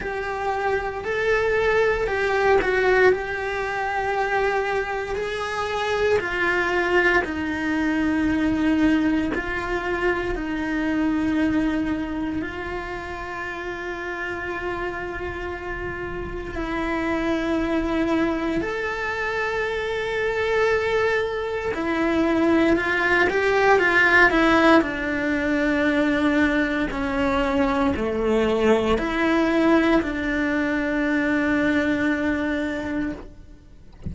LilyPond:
\new Staff \with { instrumentName = "cello" } { \time 4/4 \tempo 4 = 58 g'4 a'4 g'8 fis'8 g'4~ | g'4 gis'4 f'4 dis'4~ | dis'4 f'4 dis'2 | f'1 |
e'2 a'2~ | a'4 e'4 f'8 g'8 f'8 e'8 | d'2 cis'4 a4 | e'4 d'2. | }